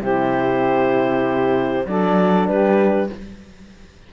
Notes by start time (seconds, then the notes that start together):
0.00 C3 E4 G4 C5
1.86 F#3 D4 A4 D5
2.47 G3 G4 B4